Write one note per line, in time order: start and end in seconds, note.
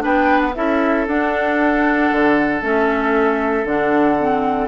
0.00 0.56 B3
0.00 0.52 D4
0.00 0.55 B4
0.00 0.41 G5
0.41 0.54 F#5
0.55 1.08 C#4
0.55 1.07 E4
0.55 4.68 A4
0.55 1.07 E5
1.08 2.11 D4
1.08 2.62 D4
1.08 2.62 F#5
2.12 2.62 D3
2.62 3.65 A3
2.62 3.66 C#4
2.62 3.66 E5
3.65 4.68 D3
3.65 4.18 D4
3.65 4.68 F#5
4.19 4.68 C4